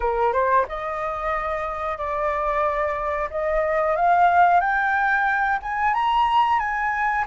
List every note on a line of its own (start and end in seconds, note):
0.00 0.32 A#4
0.32 0.65 C5
0.68 1.97 D#5
1.97 3.29 D5
3.30 3.96 D#5
3.96 4.60 F5
4.60 5.59 G5
5.62 5.94 G#5
5.94 6.59 A#5
6.59 7.25 G#5